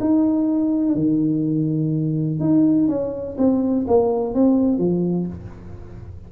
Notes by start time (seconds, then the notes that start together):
0.00 D#4
0.95 D#3
2.40 D#4
2.88 C#4
3.38 C4
3.87 A#3
4.34 C4
4.78 F3